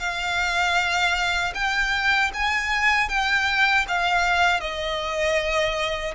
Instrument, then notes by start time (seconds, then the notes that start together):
violin
0.00 F5
1.55 G5
2.34 G#5
3.09 G5
3.88 F5
4.61 D#5